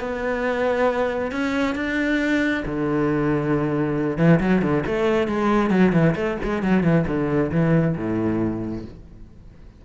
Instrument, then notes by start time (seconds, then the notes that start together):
cello
0.00 B3
1.32 C#4
1.75 D4
2.66 D3
4.18 E3
4.40 F#3
4.62 D3
4.86 A3
5.28 G#3
5.70 F#3
5.93 E3
6.16 A3
6.43 G#3
6.63 F#3
6.83 E3
7.07 D3
7.52 E3
7.96 A2